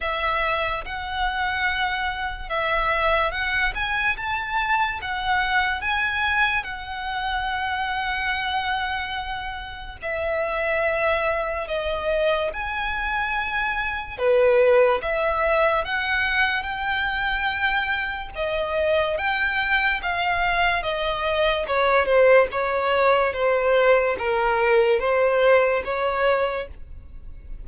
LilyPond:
\new Staff \with { instrumentName = "violin" } { \time 4/4 \tempo 4 = 72 e''4 fis''2 e''4 | fis''8 gis''8 a''4 fis''4 gis''4 | fis''1 | e''2 dis''4 gis''4~ |
gis''4 b'4 e''4 fis''4 | g''2 dis''4 g''4 | f''4 dis''4 cis''8 c''8 cis''4 | c''4 ais'4 c''4 cis''4 | }